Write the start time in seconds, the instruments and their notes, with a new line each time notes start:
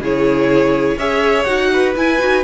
0.00 cello C#3, viola E4, violin G#4 C#5
0.97 cello C#4, viola G#4, violin C#5 E5
1.44 cello D#4, viola F#4, violin F#5
1.73 violin B4
1.96 viola E4, cello E4, violin G#5
2.19 cello D#4, viola F#4